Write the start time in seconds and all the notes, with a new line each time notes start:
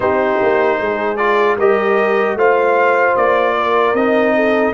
0.00 C4 D#4 G4 C5
0.42 A#3
0.79 G#3 G#4
1.16 F4 D5
1.56 G3 G4 A#4 D#5
2.35 A3 F4 C5 F5
3.15 A#3 D5
3.57 A#4
3.93 C4 D#4 D#5
4.35 A4